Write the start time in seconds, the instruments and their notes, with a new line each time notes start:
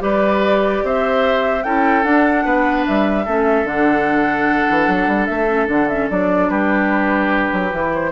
0.00 bassoon G3, clarinet G4, oboe B4, flute D5
0.83 bassoon C4, oboe C5, flute E5
1.63 bassoon C#4, clarinet E4, oboe A4, flute G5
2.04 clarinet D4, bassoon D4, flute F#5
2.45 bassoon B3, oboe B4
2.86 bassoon G3, flute E5
3.25 bassoon A3, clarinet C#4, oboe A4
3.64 bassoon D3, clarinet D4, flute F#5
4.70 bassoon E3
4.88 bassoon F#3
5.08 bassoon G3
5.26 bassoon A3, flute E5
5.48 clarinet C#4
5.66 bassoon D3, clarinet D4, flute F#5
5.89 clarinet C#4, flute E5
6.10 bassoon F#3, clarinet D4, flute D5
6.50 bassoon G3, oboe G4, flute B4
7.53 bassoon F#3
7.71 bassoon E3, clarinet E4
7.95 flute C5